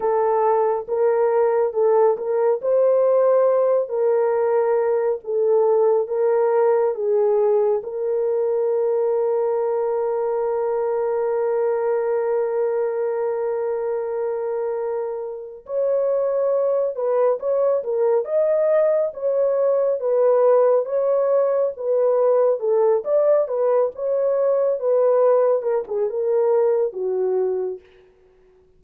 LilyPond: \new Staff \with { instrumentName = "horn" } { \time 4/4 \tempo 4 = 69 a'4 ais'4 a'8 ais'8 c''4~ | c''8 ais'4. a'4 ais'4 | gis'4 ais'2.~ | ais'1~ |
ais'2 cis''4. b'8 | cis''8 ais'8 dis''4 cis''4 b'4 | cis''4 b'4 a'8 d''8 b'8 cis''8~ | cis''8 b'4 ais'16 gis'16 ais'4 fis'4 | }